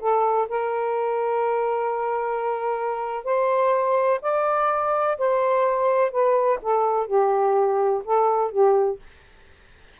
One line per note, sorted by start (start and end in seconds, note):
0.00 0.48 A4
0.49 3.24 A#4
3.24 4.20 C5
4.22 5.18 D5
5.18 6.11 C5
6.11 6.59 B4
6.62 7.07 A4
7.07 8.03 G4
8.04 8.51 A4
8.51 8.99 G4